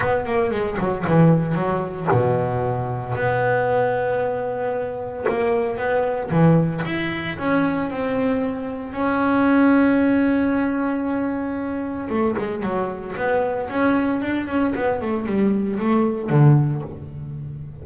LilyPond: \new Staff \with { instrumentName = "double bass" } { \time 4/4 \tempo 4 = 114 b8 ais8 gis8 fis8 e4 fis4 | b,2 b2~ | b2 ais4 b4 | e4 e'4 cis'4 c'4~ |
c'4 cis'2.~ | cis'2. a8 gis8 | fis4 b4 cis'4 d'8 cis'8 | b8 a8 g4 a4 d4 | }